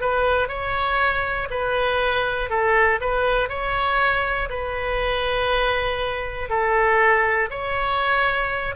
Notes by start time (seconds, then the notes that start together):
0.00 B4
0.48 C#5
1.50 B4
2.50 A4
3.00 B4
3.49 C#5
4.49 B4
6.49 A4
7.50 C#5